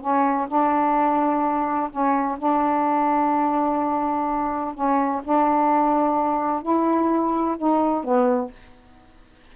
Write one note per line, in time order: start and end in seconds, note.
0.00 0.47 C#4
0.48 1.89 D4
1.90 2.37 C#4
2.38 4.74 D4
4.74 5.21 C#4
5.24 6.62 D4
6.62 7.57 E4
7.57 8.04 D#4
8.04 8.51 B3